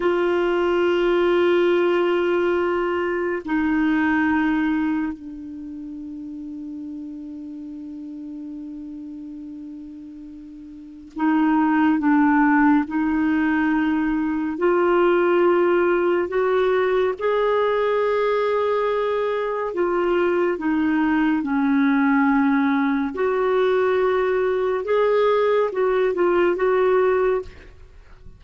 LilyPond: \new Staff \with { instrumentName = "clarinet" } { \time 4/4 \tempo 4 = 70 f'1 | dis'2 d'2~ | d'1~ | d'4 dis'4 d'4 dis'4~ |
dis'4 f'2 fis'4 | gis'2. f'4 | dis'4 cis'2 fis'4~ | fis'4 gis'4 fis'8 f'8 fis'4 | }